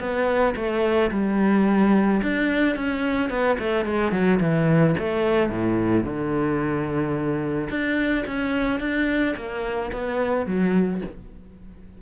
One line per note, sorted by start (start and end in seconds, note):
0.00 0.55 B3
0.56 1.11 A3
1.12 2.22 G3
2.23 2.76 D4
2.76 3.30 C#4
3.30 3.58 B3
3.59 3.86 A3
3.86 4.12 G#3
4.12 4.40 F#3
4.40 4.95 E3
4.99 5.50 A3
5.50 6.04 A2
6.04 7.69 D3
7.70 8.25 D4
8.27 8.80 C#4
8.80 9.35 D4
9.37 9.92 A#3
9.93 10.46 B3
10.46 11.01 F#3